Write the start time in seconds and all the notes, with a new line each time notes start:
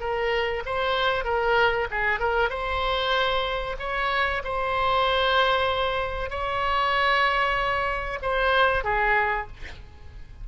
0.00 A#4
0.65 C5
1.24 A#4
1.91 G#4
2.19 A#4
2.49 C5
3.79 C#5
4.44 C5
6.30 C#5
8.22 C5
8.84 G#4